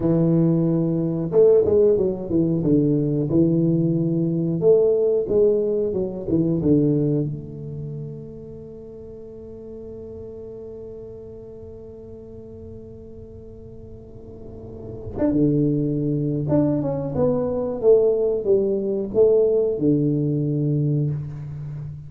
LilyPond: \new Staff \with { instrumentName = "tuba" } { \time 4/4 \tempo 4 = 91 e2 a8 gis8 fis8 e8 | d4 e2 a4 | gis4 fis8 e8 d4 a4~ | a1~ |
a1~ | a2. d'16 d8.~ | d4 d'8 cis'8 b4 a4 | g4 a4 d2 | }